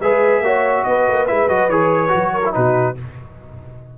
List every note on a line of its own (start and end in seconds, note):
0.00 0.40 G#3
0.00 0.44 G#4
0.00 0.44 B4
0.00 0.84 E5
0.40 0.82 A#3
0.40 1.27 F#4
0.40 0.86 C#5
0.84 1.07 B3
0.84 2.33 B4
0.84 1.26 D#5
1.08 1.29 A#3
1.27 1.48 G#3
1.27 1.48 E4
1.27 1.48 E5
1.48 1.69 F#3
1.48 1.70 F#4
1.48 1.69 D#5
1.69 2.11 E3
1.69 2.08 G#4
1.69 2.54 C#5
2.08 2.56 F#3
2.08 2.40 F#4
2.33 2.54 A#4
2.45 2.52 E4
2.52 2.98 B2
2.52 2.95 D#4
2.52 2.97 F#4
2.52 2.96 B4